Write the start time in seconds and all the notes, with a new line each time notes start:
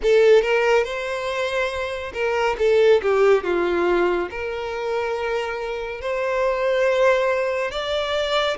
0.02 A4
0.42 A#4
0.84 C5
2.13 A#4
2.58 A4
3.02 G4
3.43 F4
4.30 A#4
6.01 C5
7.71 D5